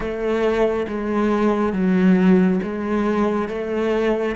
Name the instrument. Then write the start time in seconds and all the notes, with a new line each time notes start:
cello
0.00 A3
0.87 G#3
1.72 F#3
2.62 G#3
3.48 A3